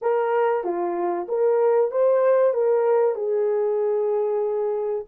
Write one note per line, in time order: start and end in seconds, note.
0.01 0.63 A#4
0.63 1.27 F4
1.28 1.91 A#4
1.91 2.53 C5
2.53 3.15 A#4
3.15 5.04 G#4